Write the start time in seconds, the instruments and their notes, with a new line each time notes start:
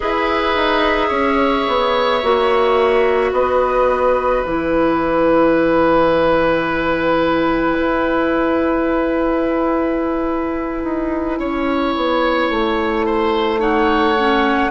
0.00 bassoon E4, clarinet G#4, oboe B4, flute E5
0.55 bassoon D#4
1.08 bassoon C#4, oboe C#5
1.67 bassoon B3
2.22 bassoon A#3, clarinet F#4
3.31 bassoon B3, oboe B4, flute D#5
4.44 bassoon E3, clarinet E4, flute G#5
7.79 bassoon E4
10.83 bassoon D#4
11.39 bassoon C#4, oboe C#5
11.95 bassoon B3
12.49 bassoon A3
13.06 oboe C5
13.58 clarinet D#4, oboe C#5, flute F#5
14.18 clarinet C#4